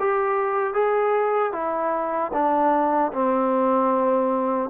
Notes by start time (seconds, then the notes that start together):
0.00 G4
0.74 G#4
1.53 E4
2.33 D4
3.13 C4